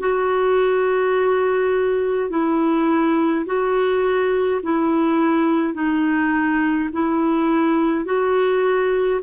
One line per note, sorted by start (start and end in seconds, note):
0.00 2.30 F#4
2.30 3.46 E4
3.46 4.61 F#4
4.63 5.74 E4
5.74 6.89 D#4
6.93 8.05 E4
8.05 9.20 F#4